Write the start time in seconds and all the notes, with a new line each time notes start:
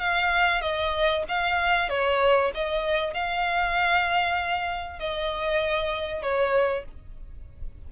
0.00 F5
0.61 D#5
1.28 F5
1.89 C#5
2.55 D#5
3.14 F5
4.99 D#5
6.23 C#5